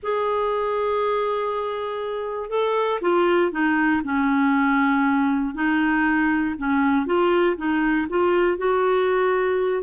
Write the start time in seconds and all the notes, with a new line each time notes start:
0.03 G#4
2.49 A4
3.01 F4
3.51 D#4
4.04 C#4
5.54 D#4
6.58 C#4
7.05 F4
7.56 D#4
8.09 F4
8.57 F#4